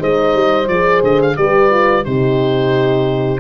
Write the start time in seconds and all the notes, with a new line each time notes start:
0.00 G#3 D#4 C5 D#5
0.34 G3
0.68 F3 G#4 D5
1.03 D3 D#5
1.22 F5
1.36 G3 G4 B4 D5
1.70 F4
2.05 C3 D#4 G4 C5